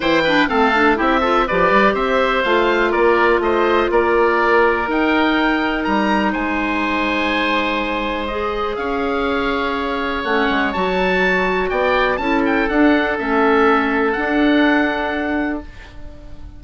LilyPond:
<<
  \new Staff \with { instrumentName = "oboe" } { \time 4/4 \tempo 4 = 123 g''4 f''4 e''4 d''4 | e''4 f''4 d''4 dis''4 | d''2 g''2 | ais''4 gis''2.~ |
gis''4 dis''4 f''2~ | f''4 fis''4 a''2 | g''4 a''8 g''8 fis''4 e''4~ | e''4 fis''2. | }
  \new Staff \with { instrumentName = "oboe" } { \time 4/4 c''8 b'8 a'4 g'8 a'8 b'4 | c''2 ais'4 c''4 | ais'1~ | ais'4 c''2.~ |
c''2 cis''2~ | cis''1 | d''4 a'2.~ | a'1 | }
  \new Staff \with { instrumentName = "clarinet" } { \time 4/4 e'8 d'8 c'8 d'8 e'8 f'8 g'4~ | g'4 f'2.~ | f'2 dis'2~ | dis'1~ |
dis'4 gis'2.~ | gis'4 cis'4 fis'2~ | fis'4 e'4 d'4 cis'4~ | cis'4 d'2. | }
  \new Staff \with { instrumentName = "bassoon" } { \time 4/4 e4 a4 c'4 f8 g8 | c'4 a4 ais4 a4 | ais2 dis'2 | g4 gis2.~ |
gis2 cis'2~ | cis'4 a8 gis8 fis2 | b4 cis'4 d'4 a4~ | a4 d'2. | }
>>